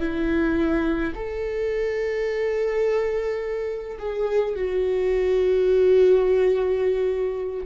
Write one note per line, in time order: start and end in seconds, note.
0.00 1.13 E4
1.15 3.98 A4
3.99 4.55 G#4
4.55 7.66 F#4